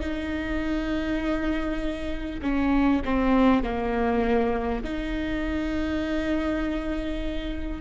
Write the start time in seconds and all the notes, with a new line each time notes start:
0.00 D#4
2.42 C#4
3.04 C4
3.63 A#3
4.83 D#4